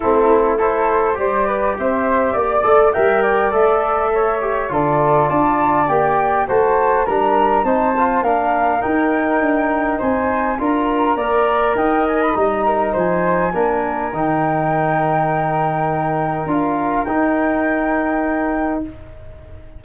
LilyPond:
<<
  \new Staff \with { instrumentName = "flute" } { \time 4/4 \tempo 4 = 102 a'4 c''4 d''4 e''4 | d''4 g''4 e''2 | d''4 a''4 g''4 a''4 | ais''4 a''4 f''4 g''4~ |
g''4 gis''4 ais''2 | g''8 gis''16 b''16 ais''4 gis''2 | g''1 | f''4 g''2. | }
  \new Staff \with { instrumentName = "flute" } { \time 4/4 e'4 a'4 c''8 b'8 c''4 | d''4 e''8 d''4. cis''4 | a'4 d''2 c''4 | ais'4 c''4 ais'2~ |
ais'4 c''4 ais'4 d''4 | dis''4. ais'8 c''4 ais'4~ | ais'1~ | ais'1 | }
  \new Staff \with { instrumentName = "trombone" } { \time 4/4 c'4 e'4 g'2~ | g'8 a'8 ais'4 a'4. g'8 | f'2 g'4 fis'4 | d'4 dis'8 f'8 d'4 dis'4~ |
dis'2 f'4 ais'4~ | ais'4 dis'2 d'4 | dis'1 | f'4 dis'2. | }
  \new Staff \with { instrumentName = "tuba" } { \time 4/4 a2 g4 c'4 | ais8 a8 g4 a2 | d4 d'4 ais4 a4 | g4 c'4 ais4 dis'4 |
d'4 c'4 d'4 ais4 | dis'4 g4 f4 ais4 | dis1 | d'4 dis'2. | }
>>